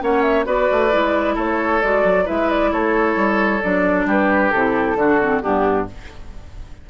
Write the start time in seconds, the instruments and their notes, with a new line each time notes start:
0.00 bassoon A#3, clarinet C#4, oboe C#5, flute F#5
0.22 flute E5
0.45 bassoon B3, clarinet F#4, oboe B4, flute D5
0.71 bassoon A3
0.91 bassoon G#3, clarinet E4
1.34 bassoon A3, oboe A4, flute C#5
1.82 bassoon G#3, clarinet F#4, flute D5
2.04 bassoon F#3
2.25 bassoon G#3, clarinet E4, oboe B4, flute E5
2.50 flute D5
2.72 bassoon A3, oboe A4, flute C#5
3.16 bassoon G3
3.62 bassoon F#3, clarinet D4, flute D5
4.06 bassoon G3, oboe G4, flute B4
4.51 bassoon C3, clarinet E4, flute A4
4.95 bassoon D3, clarinet D4, oboe F#4
5.20 clarinet C4
5.41 bassoon G2, clarinet B3, oboe D4, flute G4